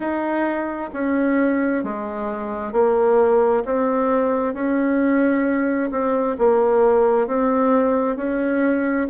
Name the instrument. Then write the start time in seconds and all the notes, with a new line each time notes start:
bassoon
0.00 D#4
0.93 C#4
1.83 G#3
2.72 A#3
3.65 C4
4.54 C#4
5.91 C4
6.38 A#3
7.27 C4
8.16 C#4